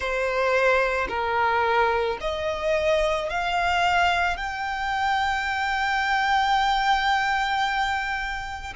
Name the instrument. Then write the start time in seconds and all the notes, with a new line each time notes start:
violin
0.00 C5
1.09 A#4
2.20 D#5
3.29 F5
4.36 G5